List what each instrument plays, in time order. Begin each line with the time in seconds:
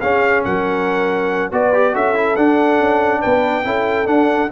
0.00 trombone C#4, tuba C#4, horn G#4, trumpet F5
0.44 tuba F#3, horn A#4, trumpet F#5
1.51 tuba B3, trombone F#4, horn B4, trumpet D5
1.73 trombone G4
1.93 tuba C#4, trombone F#4, horn A4, trumpet E5
2.14 trombone E4
2.36 trombone D4, tuba D4, trumpet F#5
2.79 tuba C#4
3.20 tuba B3, horn B4, trumpet G5
3.64 tuba C#4, trombone E4, horn A4
4.05 trombone D4, tuba D4, trumpet F#5